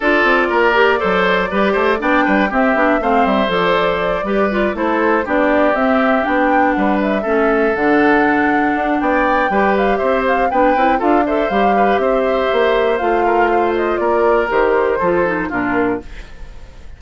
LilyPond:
<<
  \new Staff \with { instrumentName = "flute" } { \time 4/4 \tempo 4 = 120 d''1 | g''4 e''4 f''8 e''8 d''4~ | d''4. c''4 d''4 e''8~ | e''8 g''4 fis''8 e''4. fis''8~ |
fis''2 g''4. f''8 | e''8 f''8 g''4 f''8 e''8 f''4 | e''2 f''4. dis''8 | d''4 c''2 ais'4 | }
  \new Staff \with { instrumentName = "oboe" } { \time 4/4 a'4 ais'4 c''4 b'8 c''8 | d''8 b'8 g'4 c''2~ | c''8 b'4 a'4 g'4.~ | g'4. b'4 a'4.~ |
a'2 d''4 b'4 | c''4 b'4 a'8 c''4 b'8 | c''2~ c''8 ais'8 c''4 | ais'2 a'4 f'4 | }
  \new Staff \with { instrumentName = "clarinet" } { \time 4/4 f'4. g'8 a'4 g'4 | d'4 c'8 d'8 c'4 a'4~ | a'8 g'8 f'8 e'4 d'4 c'8~ | c'8 d'2 cis'4 d'8~ |
d'2. g'4~ | g'4 d'8 e'8 f'8 a'8 g'4~ | g'2 f'2~ | f'4 g'4 f'8 dis'8 d'4 | }
  \new Staff \with { instrumentName = "bassoon" } { \time 4/4 d'8 c'8 ais4 fis4 g8 a8 | b8 g8 c'8 b8 a8 g8 f4~ | f8 g4 a4 b4 c'8~ | c'8 b4 g4 a4 d8~ |
d4. d'8 b4 g4 | c'4 b8 c'8 d'4 g4 | c'4 ais4 a2 | ais4 dis4 f4 ais,4 | }
>>